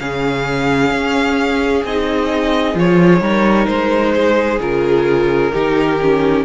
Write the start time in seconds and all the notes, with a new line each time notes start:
0.00 C#3 C#4 G#4 F5
0.91 C#4
1.84 C4 D#4 D#5
2.75 F3 F4 C#5
3.21 G3 D#4 A#4
3.67 G#3 C5
4.16 G#4
4.60 C#3 F4 A#4
5.53 D#3 D#4 G4
6.02 C#4